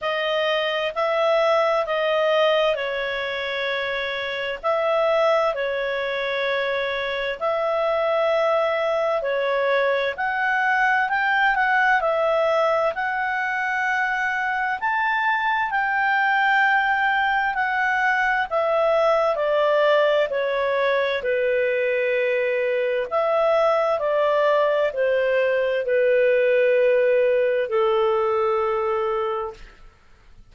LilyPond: \new Staff \with { instrumentName = "clarinet" } { \time 4/4 \tempo 4 = 65 dis''4 e''4 dis''4 cis''4~ | cis''4 e''4 cis''2 | e''2 cis''4 fis''4 | g''8 fis''8 e''4 fis''2 |
a''4 g''2 fis''4 | e''4 d''4 cis''4 b'4~ | b'4 e''4 d''4 c''4 | b'2 a'2 | }